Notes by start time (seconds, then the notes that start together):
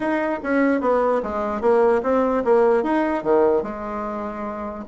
0.00 D#4
0.43 C#4
0.81 B3
1.22 G#3
1.61 A#3
2.03 C4
2.44 A#3
2.83 D#4
3.23 D#3
3.62 G#3